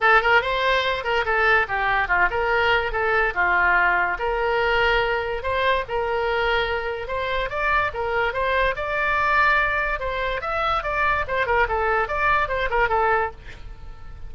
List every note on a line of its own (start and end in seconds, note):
0.00 0.21 A4
0.21 0.41 A#4
0.41 1.04 C5
1.04 1.25 A#4
1.25 1.66 A4
1.68 2.08 G4
2.08 2.28 F4
2.30 2.91 A#4
2.91 3.33 A4
3.34 4.17 F4
4.18 5.42 A#4
5.42 5.84 C5
5.88 7.07 A#4
7.07 7.49 C5
7.49 7.91 D5
7.93 8.33 A#4
8.33 8.74 C5
8.76 9.99 D5
9.99 10.41 C5
10.41 10.83 E5
10.83 11.24 D5
11.27 11.46 C5
11.46 11.67 A#4
11.68 12.08 A4
12.08 12.48 D5
12.48 12.69 C5
12.70 12.89 A#4
12.89 13.30 A4